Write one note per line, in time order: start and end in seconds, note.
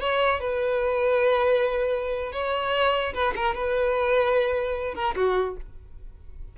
0.00 0.40 C#5
0.40 2.32 B4
2.32 3.13 C#5
3.13 3.34 B4
3.36 3.54 A#4
3.54 4.94 B4
4.94 5.15 A#4
5.15 5.56 F#4